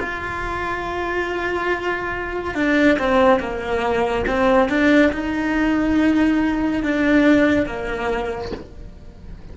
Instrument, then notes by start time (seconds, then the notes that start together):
cello
0.00 F4
2.55 D4
2.99 C4
3.40 A#3
4.27 C4
4.69 D4
5.12 D#4
6.83 D4
7.66 A#3